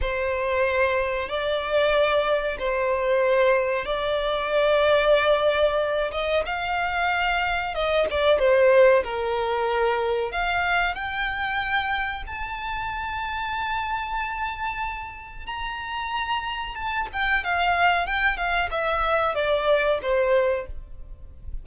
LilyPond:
\new Staff \with { instrumentName = "violin" } { \time 4/4 \tempo 4 = 93 c''2 d''2 | c''2 d''2~ | d''4. dis''8 f''2 | dis''8 d''8 c''4 ais'2 |
f''4 g''2 a''4~ | a''1 | ais''2 a''8 g''8 f''4 | g''8 f''8 e''4 d''4 c''4 | }